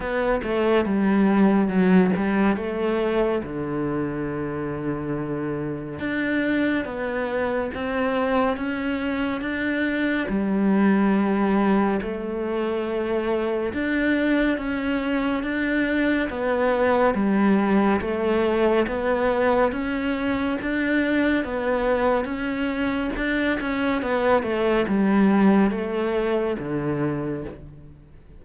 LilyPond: \new Staff \with { instrumentName = "cello" } { \time 4/4 \tempo 4 = 70 b8 a8 g4 fis8 g8 a4 | d2. d'4 | b4 c'4 cis'4 d'4 | g2 a2 |
d'4 cis'4 d'4 b4 | g4 a4 b4 cis'4 | d'4 b4 cis'4 d'8 cis'8 | b8 a8 g4 a4 d4 | }